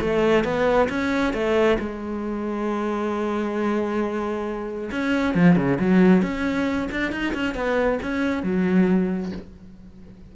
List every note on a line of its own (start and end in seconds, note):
0.00 0.44 A3
0.44 0.88 B3
0.89 1.33 C#4
1.34 1.78 A3
1.79 4.90 G#3
4.91 5.35 C#4
5.35 5.56 F3
5.56 5.78 C#3
5.80 6.22 F#3
6.22 6.89 C#4
6.91 7.12 D4
7.12 7.34 D#4
7.34 7.55 C#4
7.55 7.99 B3
8.02 8.43 C#4
8.43 9.32 F#3